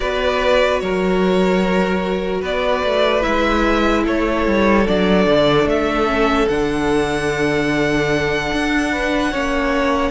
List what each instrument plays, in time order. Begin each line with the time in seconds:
0.00 cello B3, viola F#4, violin B4 D5
0.79 cello F#3, violin A#4 C#5
2.41 cello B3, violin B4 D5
2.83 cello A3
3.20 cello G#3, viola E4, violin E5
4.05 cello A3, violin A4 C#5
4.46 cello G3
4.86 cello F#3, viola D4, violin D5
5.26 cello D3
5.64 cello A3, violin E5
6.06 viola C#4
6.48 cello D3, viola D4, violin F#5
8.52 cello D4
8.91 violin B4
9.31 cello A#3, viola C#4, violin C#5